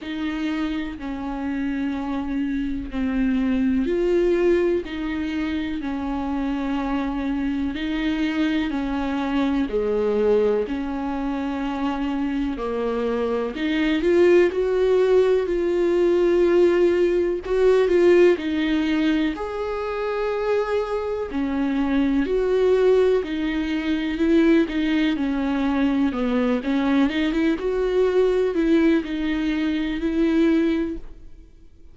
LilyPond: \new Staff \with { instrumentName = "viola" } { \time 4/4 \tempo 4 = 62 dis'4 cis'2 c'4 | f'4 dis'4 cis'2 | dis'4 cis'4 gis4 cis'4~ | cis'4 ais4 dis'8 f'8 fis'4 |
f'2 fis'8 f'8 dis'4 | gis'2 cis'4 fis'4 | dis'4 e'8 dis'8 cis'4 b8 cis'8 | dis'16 e'16 fis'4 e'8 dis'4 e'4 | }